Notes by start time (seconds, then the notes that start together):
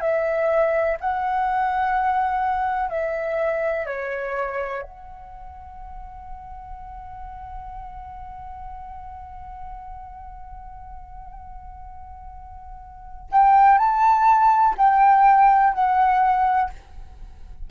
0.00 E5
1.00 F#5
2.89 E5
3.86 C#5
4.82 F#5
13.31 G5
13.78 A5
14.78 G5
15.73 F#5